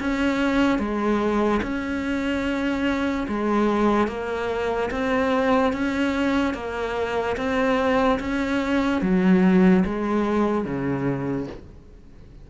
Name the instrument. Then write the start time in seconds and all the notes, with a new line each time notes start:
cello
0.00 C#4
0.79 G#3
1.63 C#4
3.28 G#3
4.08 A#3
4.91 C4
5.73 C#4
6.54 A#3
7.37 C4
8.20 C#4
9.02 F#3
9.86 G#3
10.65 C#3